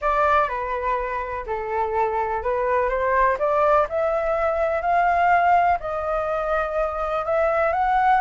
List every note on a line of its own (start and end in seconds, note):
0.01 0.48 D5
0.48 1.45 B4
1.46 2.42 A4
2.42 2.89 B4
2.89 3.37 C5
3.38 3.87 D5
3.89 4.81 E5
4.81 5.78 F5
5.80 7.25 D#5
7.25 7.73 E5
7.73 8.20 F#5